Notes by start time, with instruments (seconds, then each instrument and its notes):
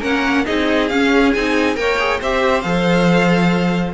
0.00 cello A#3, viola C#4, violin A#4 F#5
0.45 cello C4, viola D#4, violin G#4 D#5
0.89 cello C#4, viola C#4, violin F5
1.33 cello C4, viola D#4, violin G#5
1.75 cello A#3, viola A#4, violin C#5 G5
1.99 viola G#4
2.19 cello C4, viola G4, violin C5 E5
2.61 cello F3, viola A4, violin F5